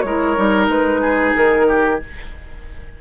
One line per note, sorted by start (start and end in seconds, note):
0.00 0.36 G#3
0.00 0.36 E4
0.00 1.01 A#4
0.00 0.65 C#5
0.36 0.68 G3
0.36 1.99 D#4
0.68 1.33 G#3
0.68 1.35 B4
1.01 1.66 G#4
1.35 2.01 D#3
1.35 2.01 A#4
1.67 2.00 G4